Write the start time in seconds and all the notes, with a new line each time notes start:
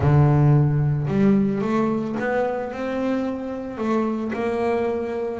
0.00 D3
1.07 G3
1.61 A3
2.19 B3
2.72 C4
3.77 A3
4.33 A#3